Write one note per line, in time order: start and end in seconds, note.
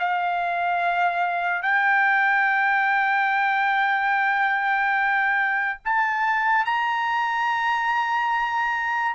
0.00 1.63 F5
1.63 5.80 G5
5.85 6.65 A5
6.65 9.15 A#5